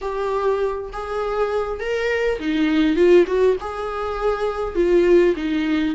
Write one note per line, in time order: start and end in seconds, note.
0.01 0.90 G4
0.92 1.80 G#4
1.80 2.39 A#4
2.39 2.95 D#4
2.95 3.25 F4
3.26 3.56 F#4
3.60 4.75 G#4
4.75 5.34 F4
5.36 5.95 D#4